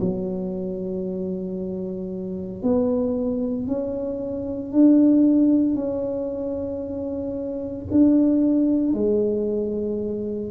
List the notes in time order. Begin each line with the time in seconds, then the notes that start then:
0.00 F#3
2.63 B3
3.67 C#4
4.73 D4
5.75 C#4
7.91 D4
8.94 G#3